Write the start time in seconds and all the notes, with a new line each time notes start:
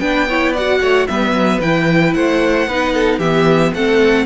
0.00 B3 D4 B4 G5
0.28 E4 C#5
0.53 F#4 D5 F#5
0.81 A3 C#5
1.08 G3 B3 B4 E5
1.32 F#3
1.62 E3 E4 G5
2.14 A3 C5 F#5
2.68 B3 D#4 B4
2.94 A4
3.19 E3 B3 G4 E5
3.75 A3 C4 A4 F#5